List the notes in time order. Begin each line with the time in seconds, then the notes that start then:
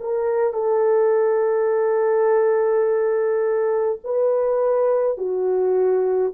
0.00 A#4
0.53 A4
4.04 B4
5.18 F#4